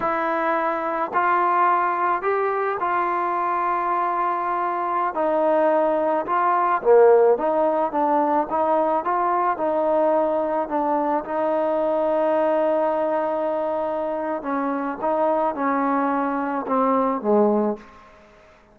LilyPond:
\new Staff \with { instrumentName = "trombone" } { \time 4/4 \tempo 4 = 108 e'2 f'2 | g'4 f'2.~ | f'4~ f'16 dis'2 f'8.~ | f'16 ais4 dis'4 d'4 dis'8.~ |
dis'16 f'4 dis'2 d'8.~ | d'16 dis'2.~ dis'8.~ | dis'2 cis'4 dis'4 | cis'2 c'4 gis4 | }